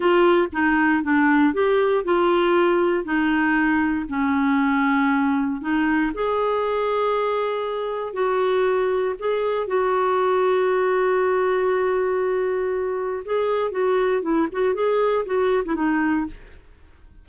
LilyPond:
\new Staff \with { instrumentName = "clarinet" } { \time 4/4 \tempo 4 = 118 f'4 dis'4 d'4 g'4 | f'2 dis'2 | cis'2. dis'4 | gis'1 |
fis'2 gis'4 fis'4~ | fis'1~ | fis'2 gis'4 fis'4 | e'8 fis'8 gis'4 fis'8. e'16 dis'4 | }